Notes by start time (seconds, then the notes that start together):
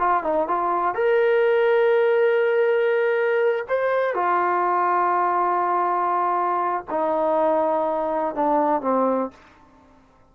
0.00 F4
0.24 D#4
0.48 F4
0.95 A#4
3.69 C5
4.14 F4
6.90 D#4
8.35 D4
8.82 C4